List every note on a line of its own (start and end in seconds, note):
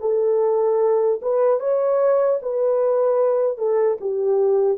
0.00 1.20 A4
1.22 1.60 B4
1.60 2.40 C#5
2.42 3.58 B4
3.58 3.98 A4
4.01 4.78 G4